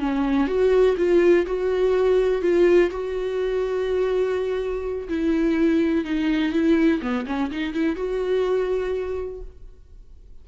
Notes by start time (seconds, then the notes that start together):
0.00 C#4
0.47 F#4
0.97 F4
1.46 F#4
2.42 F4
2.91 F#4
5.09 E4
6.05 D#4
6.53 E4
7.02 B3
7.26 C#4
7.51 D#4
7.74 E4
7.96 F#4